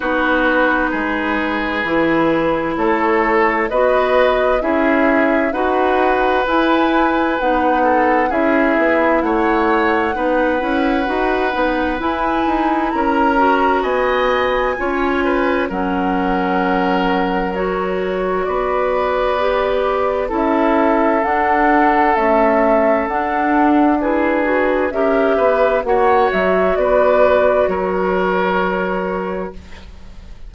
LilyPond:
<<
  \new Staff \with { instrumentName = "flute" } { \time 4/4 \tempo 4 = 65 b'2. cis''4 | dis''4 e''4 fis''4 gis''4 | fis''4 e''4 fis''2~ | fis''4 gis''4 ais''4 gis''4~ |
gis''4 fis''2 cis''4 | d''2 e''4 fis''4 | e''4 fis''4 b'4 e''4 | fis''8 e''8 d''4 cis''2 | }
  \new Staff \with { instrumentName = "oboe" } { \time 4/4 fis'4 gis'2 a'4 | b'4 gis'4 b'2~ | b'8 a'8 gis'4 cis''4 b'4~ | b'2 ais'4 dis''4 |
cis''8 b'8 ais'2. | b'2 a'2~ | a'2 gis'4 ais'8 b'8 | cis''4 b'4 ais'2 | }
  \new Staff \with { instrumentName = "clarinet" } { \time 4/4 dis'2 e'2 | fis'4 e'4 fis'4 e'4 | dis'4 e'2 dis'8 e'8 | fis'8 dis'8 e'4. fis'4. |
f'4 cis'2 fis'4~ | fis'4 g'4 e'4 d'4 | a4 d'4 e'8 fis'8 g'4 | fis'1 | }
  \new Staff \with { instrumentName = "bassoon" } { \time 4/4 b4 gis4 e4 a4 | b4 cis'4 dis'4 e'4 | b4 cis'8 b8 a4 b8 cis'8 | dis'8 b8 e'8 dis'8 cis'4 b4 |
cis'4 fis2. | b2 cis'4 d'4 | cis'4 d'2 cis'8 b8 | ais8 fis8 b4 fis2 | }
>>